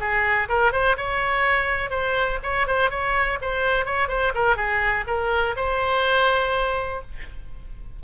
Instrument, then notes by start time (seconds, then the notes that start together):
oboe
0.00 G#4
0.49 A#4
0.72 C5
0.97 C#5
1.91 C5
2.43 C#5
2.67 C5
2.91 C#5
3.42 C5
3.86 C#5
4.09 C5
4.35 A#4
4.57 G#4
5.07 A#4
5.56 C5